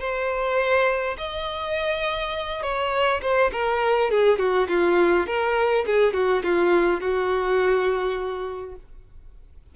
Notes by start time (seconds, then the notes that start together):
0.00 C5
1.18 D#5
2.62 C#5
3.22 C5
3.52 A#4
4.11 G#4
4.38 F#4
4.68 F4
5.27 A#4
5.86 G#4
6.13 F#4
6.43 F4
7.00 F#4